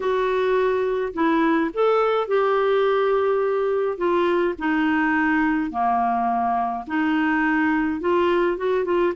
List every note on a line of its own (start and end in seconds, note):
0.00 1.13 F#4
1.13 1.70 E4
1.73 2.27 A4
2.27 3.97 G4
3.97 4.54 F4
4.58 5.70 D#4
5.70 6.84 A#3
6.87 8.00 D#4
8.00 8.57 F4
8.57 8.84 F#4
8.84 9.13 F4